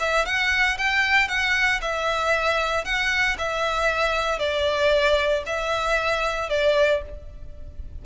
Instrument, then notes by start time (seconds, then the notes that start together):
violin
0.00 E5
0.25 F#5
0.78 G5
1.28 F#5
1.81 E5
2.84 F#5
3.38 E5
4.39 D5
5.46 E5
6.50 D5